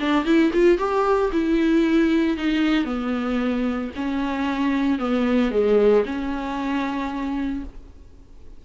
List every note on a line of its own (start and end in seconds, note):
0.00 0.25 D4
0.25 0.51 E4
0.54 0.78 F4
0.78 1.31 G4
1.33 2.37 E4
2.37 2.85 D#4
2.85 3.90 B3
3.96 4.99 C#4
4.99 5.51 B3
5.51 6.04 G#3
6.06 7.64 C#4